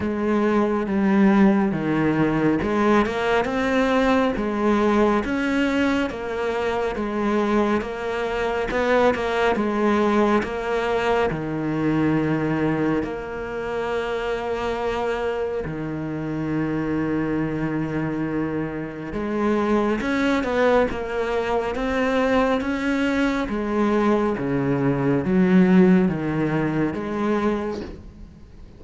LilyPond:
\new Staff \with { instrumentName = "cello" } { \time 4/4 \tempo 4 = 69 gis4 g4 dis4 gis8 ais8 | c'4 gis4 cis'4 ais4 | gis4 ais4 b8 ais8 gis4 | ais4 dis2 ais4~ |
ais2 dis2~ | dis2 gis4 cis'8 b8 | ais4 c'4 cis'4 gis4 | cis4 fis4 dis4 gis4 | }